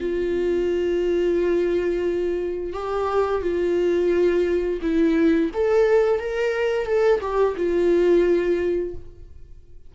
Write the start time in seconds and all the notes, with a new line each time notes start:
0.00 F4
2.73 G4
3.42 F4
4.82 E4
5.54 A4
6.20 A#4
6.86 A4
7.21 G4
7.57 F4